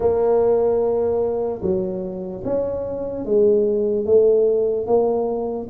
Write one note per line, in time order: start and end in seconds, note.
0.00 1.61 A#3
1.62 2.43 F#3
2.44 3.25 C#4
3.25 4.05 G#3
4.05 4.86 A3
4.86 5.67 A#3